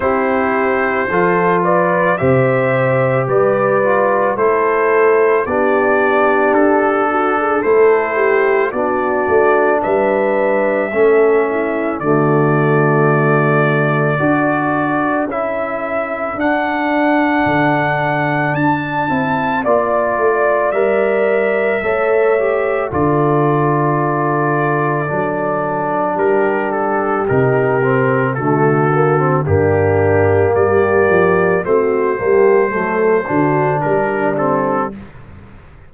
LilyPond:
<<
  \new Staff \with { instrumentName = "trumpet" } { \time 4/4 \tempo 4 = 55 c''4. d''8 e''4 d''4 | c''4 d''4 a'4 c''4 | d''4 e''2 d''4~ | d''2 e''4 fis''4~ |
fis''4 a''4 d''4 e''4~ | e''4 d''2. | ais'8 a'8 ais'4 a'4 g'4 | d''4 c''2 ais'8 a'8 | }
  \new Staff \with { instrumentName = "horn" } { \time 4/4 g'4 a'8 b'8 c''4 b'4 | a'4 g'4. fis'16 gis'16 a'8 g'8 | fis'4 b'4 a'8 e'8 fis'4~ | fis'4 a'2.~ |
a'2 d''2 | cis''4 a'2. | g'2 fis'4 d'4 | g'4 fis'8 g'8 a'8 fis'8 d'4 | }
  \new Staff \with { instrumentName = "trombone" } { \time 4/4 e'4 f'4 g'4. f'8 | e'4 d'2 e'4 | d'2 cis'4 a4~ | a4 fis'4 e'4 d'4~ |
d'4. e'8 f'4 ais'4 | a'8 g'8 f'2 d'4~ | d'4 dis'8 c'8 a8 ais16 c'16 ais4~ | ais4 c'8 ais8 a8 d'4 c'8 | }
  \new Staff \with { instrumentName = "tuba" } { \time 4/4 c'4 f4 c4 g4 | a4 b4 d'4 a4 | b8 a8 g4 a4 d4~ | d4 d'4 cis'4 d'4 |
d4 d'8 c'8 ais8 a8 g4 | a4 d2 fis4 | g4 c4 d4 g,4 | g8 f8 a8 g8 fis8 d8 g4 | }
>>